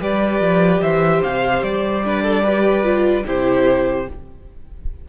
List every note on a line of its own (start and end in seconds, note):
0.00 0.41 G3
0.00 2.03 G4
0.00 0.82 B4
0.00 0.82 D5
0.41 0.81 F3
0.82 1.22 E3
0.82 2.04 C5
0.82 1.22 E5
1.23 1.62 C3
1.23 1.63 F5
1.62 3.24 G3
1.62 3.25 D5
2.05 2.45 D4
2.05 2.24 B4
2.24 2.43 A4
2.43 2.84 G4
2.43 3.24 B4
2.84 3.24 F4
3.26 4.08 C3
3.26 4.07 E4
3.26 4.08 G4
3.26 4.09 C5